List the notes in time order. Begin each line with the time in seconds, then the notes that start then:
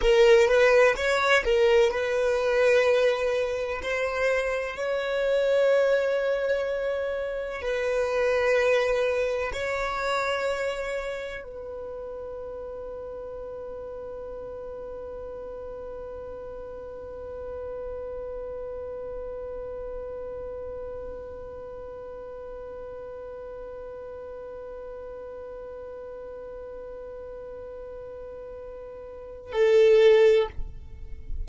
0.01 A#4
0.47 B4
0.95 C#5
1.44 A#4
1.90 B4
3.82 C5
4.76 C#5
7.61 B4
9.52 C#5
11.43 B4
29.52 A4